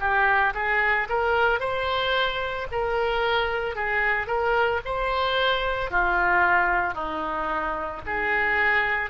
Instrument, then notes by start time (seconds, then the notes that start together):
oboe
0.00 G4
0.54 G#4
1.09 A#4
1.60 C5
2.71 A#4
3.75 G#4
4.27 A#4
4.85 C5
5.91 F4
6.94 D#4
8.06 G#4